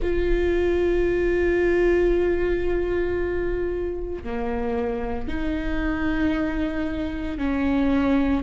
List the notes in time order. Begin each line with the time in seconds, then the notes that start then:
0.02 F4
4.23 A#3
5.28 D#4
7.37 C#4